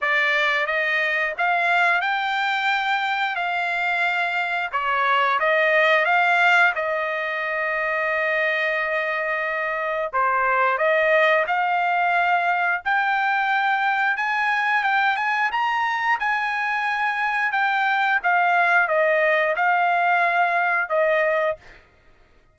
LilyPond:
\new Staff \with { instrumentName = "trumpet" } { \time 4/4 \tempo 4 = 89 d''4 dis''4 f''4 g''4~ | g''4 f''2 cis''4 | dis''4 f''4 dis''2~ | dis''2. c''4 |
dis''4 f''2 g''4~ | g''4 gis''4 g''8 gis''8 ais''4 | gis''2 g''4 f''4 | dis''4 f''2 dis''4 | }